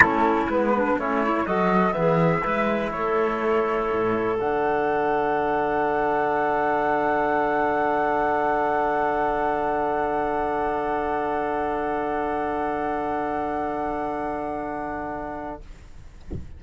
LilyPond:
<<
  \new Staff \with { instrumentName = "flute" } { \time 4/4 \tempo 4 = 123 a'4 b'4 cis''4 dis''4 | e''2 cis''2~ | cis''4 fis''2.~ | fis''1~ |
fis''1~ | fis''1~ | fis''1~ | fis''1 | }
  \new Staff \with { instrumentName = "clarinet" } { \time 4/4 e'4. d'8 cis'8 e'8 a'4 | gis'4 b'4 a'2~ | a'1~ | a'1~ |
a'1~ | a'1~ | a'1~ | a'1 | }
  \new Staff \with { instrumentName = "trombone" } { \time 4/4 cis'4 b4 e'4 fis'4 | b4 e'2.~ | e'4 d'2.~ | d'1~ |
d'1~ | d'1~ | d'1~ | d'1 | }
  \new Staff \with { instrumentName = "cello" } { \time 4/4 a4 gis4 a4 fis4 | e4 gis4 a2 | a,4 d2.~ | d1~ |
d1~ | d1~ | d1~ | d1 | }
>>